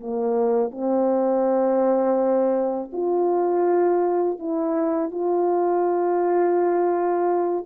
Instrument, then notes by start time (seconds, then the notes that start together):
horn
0.00 A#3
0.71 C4
2.92 F4
4.39 E4
5.11 F4